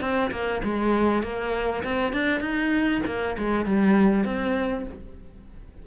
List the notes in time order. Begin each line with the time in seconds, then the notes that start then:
0.00 C4
0.31 A#3
0.63 G#3
1.22 A#3
1.83 C4
2.12 D4
2.40 D#4
3.06 A#3
3.37 G#3
3.65 G3
4.24 C4